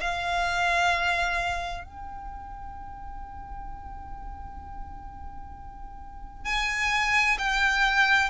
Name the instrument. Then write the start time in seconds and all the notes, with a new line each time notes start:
violin
0.00 F5
1.84 G5
6.45 G#5
7.38 G5